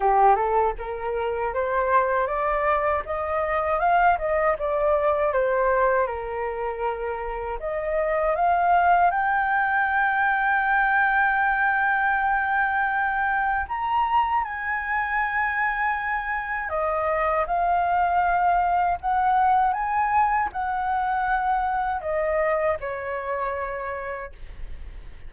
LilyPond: \new Staff \with { instrumentName = "flute" } { \time 4/4 \tempo 4 = 79 g'8 a'8 ais'4 c''4 d''4 | dis''4 f''8 dis''8 d''4 c''4 | ais'2 dis''4 f''4 | g''1~ |
g''2 ais''4 gis''4~ | gis''2 dis''4 f''4~ | f''4 fis''4 gis''4 fis''4~ | fis''4 dis''4 cis''2 | }